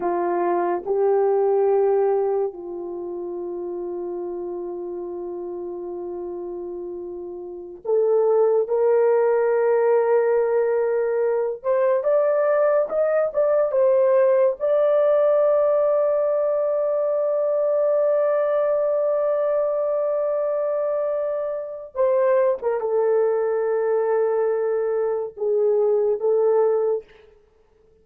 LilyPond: \new Staff \with { instrumentName = "horn" } { \time 4/4 \tempo 4 = 71 f'4 g'2 f'4~ | f'1~ | f'4~ f'16 a'4 ais'4.~ ais'16~ | ais'4.~ ais'16 c''8 d''4 dis''8 d''16~ |
d''16 c''4 d''2~ d''8.~ | d''1~ | d''2 c''8. ais'16 a'4~ | a'2 gis'4 a'4 | }